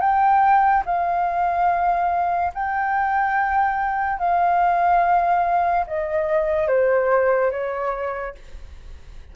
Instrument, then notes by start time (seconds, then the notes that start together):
flute
0.00 G5
0.86 F5
2.54 G5
4.19 F5
5.86 D#5
6.67 C5
7.51 C#5